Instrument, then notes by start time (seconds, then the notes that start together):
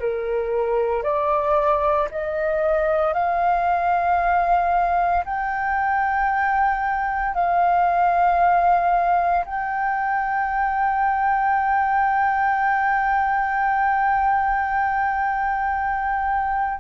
flute
0.00 A#4
1.03 D5
2.11 D#5
3.14 F5
5.25 G5
7.34 F5
9.45 G5